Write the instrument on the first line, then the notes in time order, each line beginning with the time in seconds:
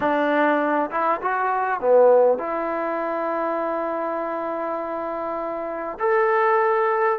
trombone
0.00 D4
0.90 E4
1.21 F#4
1.80 B3
2.38 E4
5.99 A4